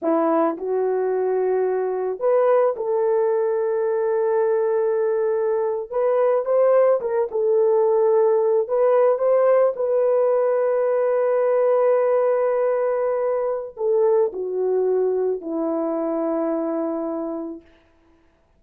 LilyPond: \new Staff \with { instrumentName = "horn" } { \time 4/4 \tempo 4 = 109 e'4 fis'2. | b'4 a'2.~ | a'2~ a'8. b'4 c''16~ | c''8. ais'8 a'2~ a'8 b'16~ |
b'8. c''4 b'2~ b'16~ | b'1~ | b'4 a'4 fis'2 | e'1 | }